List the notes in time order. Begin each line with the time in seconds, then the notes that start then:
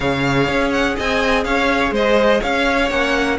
0.00 C#3 G#4 C#5 F5
0.47 C#4
0.71 F#5
0.95 C4 D#5 G#5
1.44 C#4 C#5 F5
1.91 G#3 C5 D#5
2.40 C#4 C#5 F5
2.89 A#3 C#4 F#5